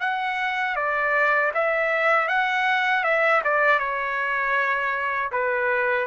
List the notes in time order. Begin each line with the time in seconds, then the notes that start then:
0.00 F#5
0.76 D5
1.54 E5
2.29 F#5
3.04 E5
3.44 D5
3.79 C#5
5.32 B4